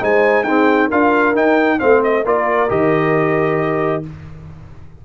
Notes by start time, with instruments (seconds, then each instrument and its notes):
0.00 tuba G#3, trombone D#4, horn C5, trumpet G#5
0.43 trombone C4, tuba D#4, horn G#4, trumpet G5
0.87 tuba D4, trombone F4, horn A#4, trumpet F5
1.34 trombone D#4, tuba D#4, trumpet G5
1.79 tuba A3, trombone C4, horn C5, trumpet F5
2.03 trumpet D#5
2.24 tuba A#3, trombone F4, horn A#4, trumpet D5
2.68 tuba D#3, trombone G4, trumpet D#5